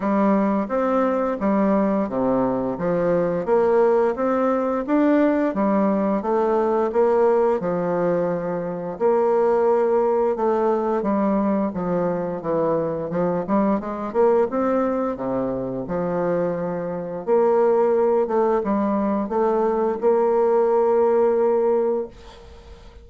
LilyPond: \new Staff \with { instrumentName = "bassoon" } { \time 4/4 \tempo 4 = 87 g4 c'4 g4 c4 | f4 ais4 c'4 d'4 | g4 a4 ais4 f4~ | f4 ais2 a4 |
g4 f4 e4 f8 g8 | gis8 ais8 c'4 c4 f4~ | f4 ais4. a8 g4 | a4 ais2. | }